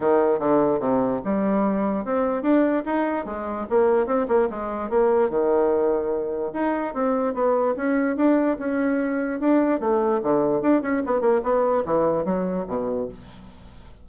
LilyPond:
\new Staff \with { instrumentName = "bassoon" } { \time 4/4 \tempo 4 = 147 dis4 d4 c4 g4~ | g4 c'4 d'4 dis'4 | gis4 ais4 c'8 ais8 gis4 | ais4 dis2. |
dis'4 c'4 b4 cis'4 | d'4 cis'2 d'4 | a4 d4 d'8 cis'8 b8 ais8 | b4 e4 fis4 b,4 | }